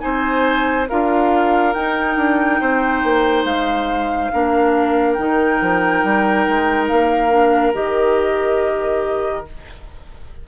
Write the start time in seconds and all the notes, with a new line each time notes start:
0.00 C4 D#4 C5 G#5
0.90 D4 F4 A#4 F5
1.74 D#4 G5
2.17 D4
2.61 C4 C5
3.04 A#3
3.45 G#3 F5
4.33 A#3 D4 A#4
5.14 D#3 D#4 G5
5.62 F3
6.04 G3
6.49 G#3
6.88 A#3 F5
7.30 D4
7.74 D#3 G4 D#5